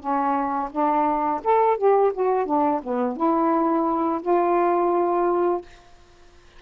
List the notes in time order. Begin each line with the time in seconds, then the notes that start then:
0.00 C#4
0.72 D4
1.44 A4
1.78 G4
2.14 F#4
2.46 D4
2.83 B3
3.17 E4
4.22 F4